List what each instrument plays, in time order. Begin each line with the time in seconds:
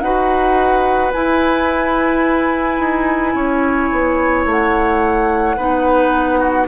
0.00 bassoon D#4, clarinet F#4, oboe B4, flute F#5
1.12 clarinet E4, bassoon E4, flute G#5
2.79 bassoon D#4
3.34 bassoon C#4, oboe C#5
3.92 bassoon B3
4.45 bassoon A3, flute F#5
5.56 bassoon B3, clarinet D#4, oboe B4
6.38 oboe F#4